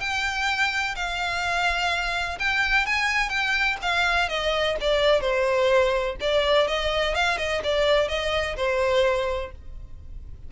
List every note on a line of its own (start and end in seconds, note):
0.00 0.95 G5
0.96 2.39 F5
2.39 2.86 G5
2.86 3.29 G#5
3.29 3.77 G5
3.82 4.29 F5
4.29 4.76 D#5
4.81 5.21 D5
5.21 6.16 C5
6.21 6.68 D5
6.68 7.15 D#5
7.15 7.38 F5
7.38 7.62 D#5
7.64 8.09 D5
8.09 8.56 D#5
8.57 9.52 C5